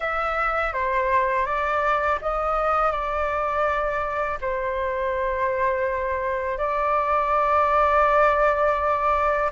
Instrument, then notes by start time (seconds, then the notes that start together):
flute
0.00 E5
0.73 C5
1.46 D5
2.21 D#5
2.91 D5
4.41 C5
6.58 D5